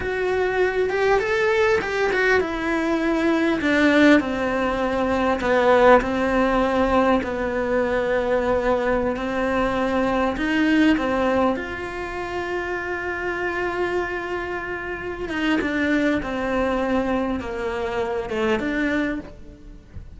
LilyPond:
\new Staff \with { instrumentName = "cello" } { \time 4/4 \tempo 4 = 100 fis'4. g'8 a'4 g'8 fis'8 | e'2 d'4 c'4~ | c'4 b4 c'2 | b2.~ b16 c'8.~ |
c'4~ c'16 dis'4 c'4 f'8.~ | f'1~ | f'4. dis'8 d'4 c'4~ | c'4 ais4. a8 d'4 | }